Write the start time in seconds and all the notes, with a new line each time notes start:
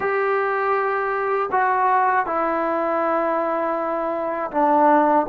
0.00 G4
1.51 F#4
2.25 E4
4.51 D4